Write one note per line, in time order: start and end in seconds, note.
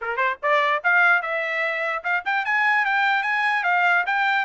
0.01 0.17 A#4
0.17 0.37 C5
0.42 0.83 D5
0.83 1.22 F5
1.22 2.03 E5
2.03 2.23 F5
2.25 2.45 G5
2.45 2.85 G#5
2.85 3.22 G5
3.22 3.63 G#5
3.63 4.04 F5
4.06 4.45 G5